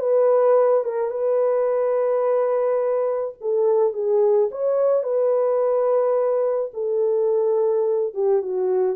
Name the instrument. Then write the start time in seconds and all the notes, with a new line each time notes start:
horn
0.00 B4
0.84 A#4
1.11 B4
3.41 A4
3.93 G#4
4.52 C#5
5.03 B4
6.74 A4
8.14 G4
8.42 F#4